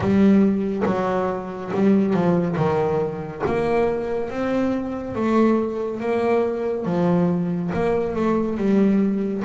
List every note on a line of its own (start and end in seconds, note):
0.00 0.83 G3
0.85 1.71 F#3
1.74 2.13 G3
2.13 2.56 F3
2.56 3.42 D#3
3.46 4.30 A#3
4.30 5.15 C4
5.15 6.00 A3
6.00 6.85 A#3
6.85 7.70 F3
7.73 8.15 A#3
8.15 8.57 A3
8.57 9.42 G3